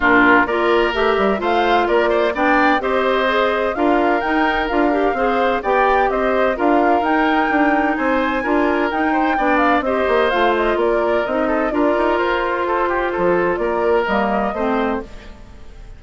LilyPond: <<
  \new Staff \with { instrumentName = "flute" } { \time 4/4 \tempo 4 = 128 ais'4 d''4 e''4 f''4 | d''4 g''4 dis''2 | f''4 g''4 f''2 | g''4 dis''4 f''4 g''4~ |
g''4 gis''2 g''4~ | g''8 f''8 dis''4 f''8 dis''8 d''4 | dis''4 d''4 c''2~ | c''4 d''4 dis''2 | }
  \new Staff \with { instrumentName = "oboe" } { \time 4/4 f'4 ais'2 c''4 | ais'8 c''8 d''4 c''2 | ais'2. c''4 | d''4 c''4 ais'2~ |
ais'4 c''4 ais'4. c''8 | d''4 c''2 ais'4~ | ais'8 a'8 ais'2 a'8 g'8 | a'4 ais'2 c''4 | }
  \new Staff \with { instrumentName = "clarinet" } { \time 4/4 d'4 f'4 g'4 f'4~ | f'4 d'4 g'4 gis'4 | f'4 dis'4 f'8 g'8 gis'4 | g'2 f'4 dis'4~ |
dis'2 f'4 dis'4 | d'4 g'4 f'2 | dis'4 f'2.~ | f'2 ais4 c'4 | }
  \new Staff \with { instrumentName = "bassoon" } { \time 4/4 ais,4 ais4 a8 g8 a4 | ais4 b4 c'2 | d'4 dis'4 d'4 c'4 | b4 c'4 d'4 dis'4 |
d'4 c'4 d'4 dis'4 | b4 c'8 ais8 a4 ais4 | c'4 d'8 dis'8 f'2 | f4 ais4 g4 a4 | }
>>